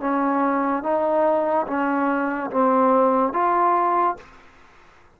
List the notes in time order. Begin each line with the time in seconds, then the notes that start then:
0.00 C#4
0.83 D#4
1.67 C#4
2.50 C4
3.33 F4